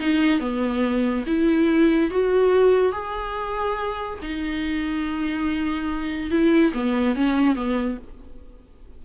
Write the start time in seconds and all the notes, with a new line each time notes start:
0.00 D#4
0.40 B3
1.27 E4
2.11 F#4
2.93 G#4
4.22 D#4
6.31 E4
6.74 B3
7.16 C#4
7.56 B3